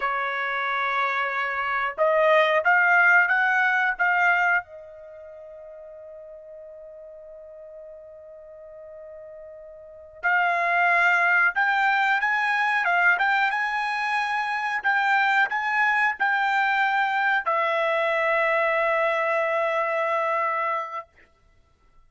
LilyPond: \new Staff \with { instrumentName = "trumpet" } { \time 4/4 \tempo 4 = 91 cis''2. dis''4 | f''4 fis''4 f''4 dis''4~ | dis''1~ | dis''2.~ dis''8 f''8~ |
f''4. g''4 gis''4 f''8 | g''8 gis''2 g''4 gis''8~ | gis''8 g''2 e''4.~ | e''1 | }